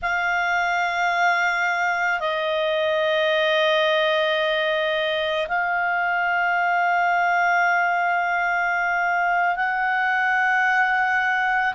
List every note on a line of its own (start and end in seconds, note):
0.01 2.20 F5
2.20 5.47 D#5
5.47 9.56 F5
9.56 11.74 F#5